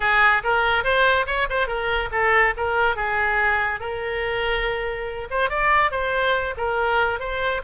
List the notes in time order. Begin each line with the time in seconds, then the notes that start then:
0.00 G#4
0.43 A#4
0.84 C5
1.26 C#5
1.49 C5
1.67 A#4
2.11 A4
2.57 A#4
2.96 G#4
3.80 A#4
5.30 C5
5.49 D5
5.91 C5
6.57 A#4
7.19 C5